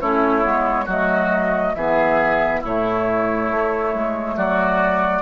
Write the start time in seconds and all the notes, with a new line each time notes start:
0.00 A3 C#4 E4 C#5
0.41 G#3 B3
0.85 F#3 A3 F#4 D#5
1.74 E3 B3 G#4 E5
2.60 A2 A3 E4 C#5
3.50 A3
3.93 G#3
4.36 F#3 F#4 D5